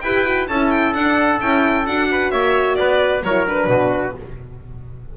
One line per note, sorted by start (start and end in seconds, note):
0.00 0.48 E4
0.00 0.25 G4
0.00 0.49 B4
0.00 0.46 G5
0.25 0.47 F#4
0.47 0.94 C#4
0.47 0.95 E4
0.47 2.10 A4
0.47 0.70 A5
0.70 0.93 G5
0.93 1.40 D4
0.93 1.39 D4
0.93 1.39 F#5
1.39 1.87 C#4
1.39 1.85 E4
1.39 1.86 G5
1.86 2.31 D4
1.86 3.23 F#4
1.86 2.30 F#5
2.10 2.31 B4
2.30 2.77 A#3
2.30 2.77 C#5
2.30 2.75 E5
2.75 3.23 B3
2.75 3.25 B4
2.75 3.21 D5
3.23 3.67 F#3
3.23 3.45 E4
3.23 3.70 A#4
3.23 3.46 C#5
3.45 4.14 D4
3.45 4.17 B4
3.67 4.12 B2
3.67 4.16 F#4